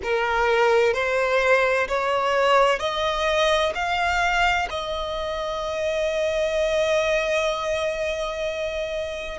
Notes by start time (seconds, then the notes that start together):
0.03 A#4
0.93 C5
1.87 C#5
2.79 D#5
3.74 F5
4.70 D#5